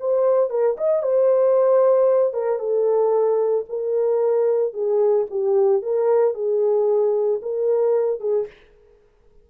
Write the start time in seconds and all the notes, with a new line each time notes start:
0.00 C5
0.50 A#4
0.78 D#5
1.03 C5
2.34 A#4
2.59 A4
3.69 A#4
4.74 G#4
5.31 G4
5.82 A#4
6.35 G#4
7.42 A#4
8.20 G#4